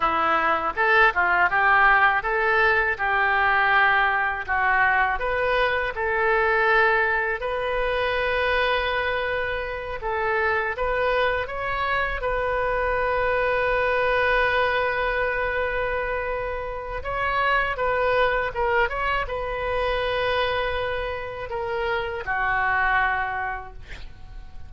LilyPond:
\new Staff \with { instrumentName = "oboe" } { \time 4/4 \tempo 4 = 81 e'4 a'8 f'8 g'4 a'4 | g'2 fis'4 b'4 | a'2 b'2~ | b'4. a'4 b'4 cis''8~ |
cis''8 b'2.~ b'8~ | b'2. cis''4 | b'4 ais'8 cis''8 b'2~ | b'4 ais'4 fis'2 | }